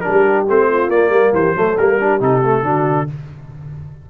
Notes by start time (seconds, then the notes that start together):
0.00 D4 G4 A#4
0.07 G3
0.48 A3 C4 C5
0.69 F4
0.88 A#3 D5
1.09 G3 A#4
1.32 E3 G4 C5
1.55 F#3 A3 A4
1.77 G3 A#3 A#4
2.00 D4 G4
2.20 C3 D#4 A4
2.43 A3
2.63 D3 D4 F#4